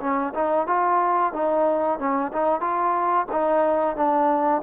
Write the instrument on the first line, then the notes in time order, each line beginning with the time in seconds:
trombone
0.00 C#4
0.34 D#4
0.67 F4
1.33 D#4
1.99 C#4
2.32 D#4
2.60 F4
3.31 D#4
3.96 D4